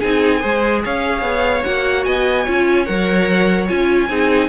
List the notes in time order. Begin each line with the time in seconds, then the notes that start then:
0.00 C4 D#4 G#4 G#5
0.40 G#3 G#4 C5
0.85 C#4 C#5 F5
1.22 B3
1.64 A#3 F#4 F#5
2.05 B3 D#5 G#5
2.44 C#4 F4 C#5
2.86 F#3 A#4 F#5
3.68 C#4 F4 G#5
4.10 C4 D#4 G#4